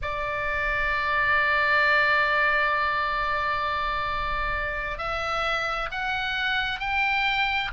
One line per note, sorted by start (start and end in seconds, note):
0.02 4.98 D5
4.98 5.88 E5
5.91 6.79 F#5
6.79 7.70 G5